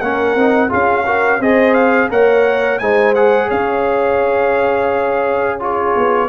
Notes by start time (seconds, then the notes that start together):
0.00 A#3 C#4 A#4 F#5
0.35 C4 D#4
0.68 C#4 F4 G#4 F5
1.05 F#4 A#4
1.39 C4 G#4 C5 D#5
1.74 F5
2.10 A#3 A#4 C#5 F#5
2.79 G#3 D#4 C5 G#5
3.15 G#4 F#5
3.48 C#4 C#5 F5
5.59 F4 G#4 C#5
5.96 B3